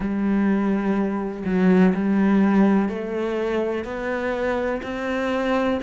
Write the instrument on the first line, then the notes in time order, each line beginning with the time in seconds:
cello
0.00 G3
1.45 F#3
1.94 G3
2.89 A3
3.84 B3
4.82 C4